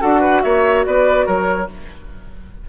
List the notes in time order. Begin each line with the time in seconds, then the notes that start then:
0.00 D4 F#4 A4 F#5
0.20 B4
0.42 A#3 C#5 E5
0.85 B3 B4 D5
1.26 F#3 A#4 C#5